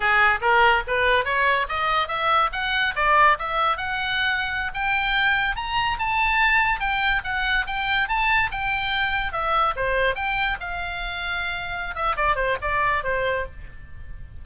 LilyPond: \new Staff \with { instrumentName = "oboe" } { \time 4/4 \tempo 4 = 143 gis'4 ais'4 b'4 cis''4 | dis''4 e''4 fis''4 d''4 | e''4 fis''2~ fis''16 g''8.~ | g''4~ g''16 ais''4 a''4.~ a''16~ |
a''16 g''4 fis''4 g''4 a''8.~ | a''16 g''2 e''4 c''8.~ | c''16 g''4 f''2~ f''8.~ | f''8 e''8 d''8 c''8 d''4 c''4 | }